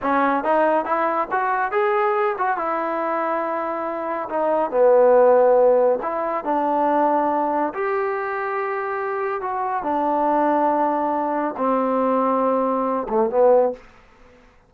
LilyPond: \new Staff \with { instrumentName = "trombone" } { \time 4/4 \tempo 4 = 140 cis'4 dis'4 e'4 fis'4 | gis'4. fis'8 e'2~ | e'2 dis'4 b4~ | b2 e'4 d'4~ |
d'2 g'2~ | g'2 fis'4 d'4~ | d'2. c'4~ | c'2~ c'8 a8 b4 | }